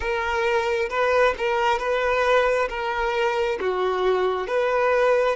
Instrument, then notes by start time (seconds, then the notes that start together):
violin
0.00 A#4
0.90 B4
1.38 A#4
1.78 B4
2.69 A#4
3.60 F#4
4.47 B4